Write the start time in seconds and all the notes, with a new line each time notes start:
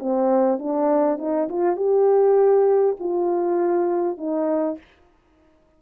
0.00 C4
0.59 D4
1.19 D#4
1.49 F4
1.77 G4
3.00 F4
4.18 D#4